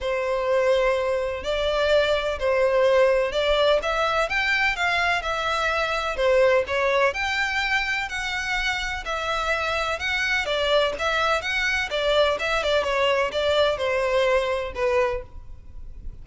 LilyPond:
\new Staff \with { instrumentName = "violin" } { \time 4/4 \tempo 4 = 126 c''2. d''4~ | d''4 c''2 d''4 | e''4 g''4 f''4 e''4~ | e''4 c''4 cis''4 g''4~ |
g''4 fis''2 e''4~ | e''4 fis''4 d''4 e''4 | fis''4 d''4 e''8 d''8 cis''4 | d''4 c''2 b'4 | }